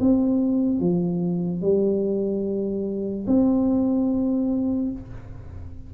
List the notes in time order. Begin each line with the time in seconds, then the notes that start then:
0.00 C4
0.80 F3
1.61 G3
3.27 C4